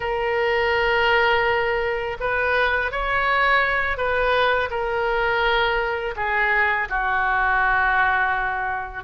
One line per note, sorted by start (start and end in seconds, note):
0.00 2.17 A#4
2.20 2.91 B4
2.91 3.97 C#5
3.97 4.69 B4
4.70 6.14 A#4
6.15 6.88 G#4
6.89 9.04 F#4